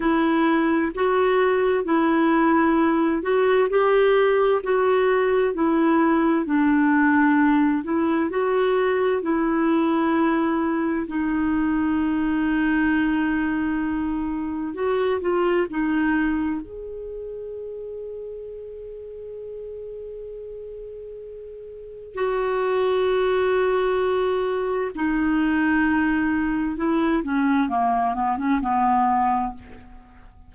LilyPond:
\new Staff \with { instrumentName = "clarinet" } { \time 4/4 \tempo 4 = 65 e'4 fis'4 e'4. fis'8 | g'4 fis'4 e'4 d'4~ | d'8 e'8 fis'4 e'2 | dis'1 |
fis'8 f'8 dis'4 gis'2~ | gis'1 | fis'2. dis'4~ | dis'4 e'8 cis'8 ais8 b16 cis'16 b4 | }